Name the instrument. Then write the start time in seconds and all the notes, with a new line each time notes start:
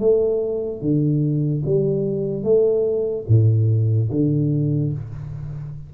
tuba
0.00 A3
0.81 D3
1.66 G3
2.44 A3
3.28 A2
4.11 D3